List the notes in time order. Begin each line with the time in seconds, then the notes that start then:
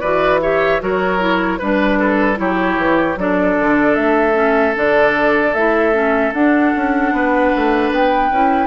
0.00 E3 F#4 B4 D5
0.42 G4 C#5 E5
0.80 F#3 F#4 A#4 C#5
1.19 E4
1.58 G3 D4 B4
1.99 A4
2.36 F#3 E4 G4 C#5
2.77 E3
3.16 F#3 D4 A4 D5
3.60 D3
3.95 A3 E5
4.34 C#4
4.75 D3 D4 D5
5.54 A3 E4 E5
5.93 C#4
6.33 D4 F#5
6.76 C#4
7.13 B3 B4
7.56 A3
7.91 B3 G5
8.31 C#4 E4